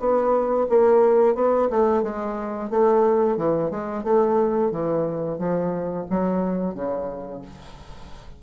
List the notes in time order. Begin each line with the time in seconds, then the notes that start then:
0.00 B3
0.70 A#3
1.35 B3
1.70 A3
2.03 G#3
2.71 A3
3.37 E3
3.71 G#3
4.04 A3
4.72 E3
5.39 F3
6.10 F#3
6.75 C#3